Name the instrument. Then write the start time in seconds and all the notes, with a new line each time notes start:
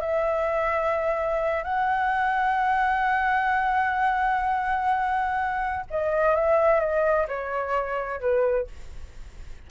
flute
0.00 E5
1.63 F#5
5.90 D#5
6.35 E5
6.80 D#5
7.28 C#5
8.20 B4